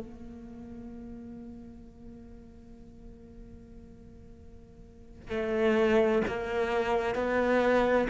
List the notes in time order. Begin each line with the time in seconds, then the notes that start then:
0.00 A#3
5.30 A3
6.28 A#3
7.15 B3